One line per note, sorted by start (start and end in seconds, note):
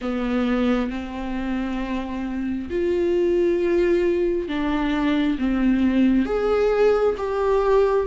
0.01 0.90 B3
0.90 2.69 C4
2.69 4.48 F4
4.48 5.37 D4
5.38 6.25 C4
6.25 7.15 G#4
7.17 8.06 G4